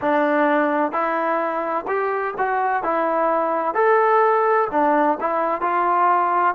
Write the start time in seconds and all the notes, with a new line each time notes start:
0.01 D4
0.92 E4
1.87 G4
2.37 F#4
2.83 E4
3.74 A4
4.71 D4
5.20 E4
5.61 F4